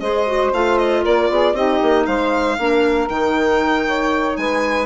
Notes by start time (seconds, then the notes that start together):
0.00 G#3 G#4 C5 D#5
0.27 F#4
0.53 A3 F4 F5
0.78 D#5
1.03 A#3 A#4 D5
1.30 B3 G#4
1.54 C4 D#4 G4 D#5
1.82 A#3
2.06 G#3 C5 F5
2.58 A#3 D4 A#4
3.09 D#3 D#4 G5
3.87 C#5
4.37 G#3 B4 G#5